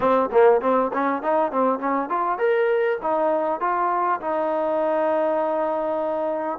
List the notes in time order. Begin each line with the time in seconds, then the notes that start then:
0.00 C4
0.31 A#3
0.61 C4
0.93 C#4
1.22 D#4
1.51 C4
1.79 C#4
2.09 F4
2.38 A#4
3.01 D#4
3.60 F4
4.20 D#4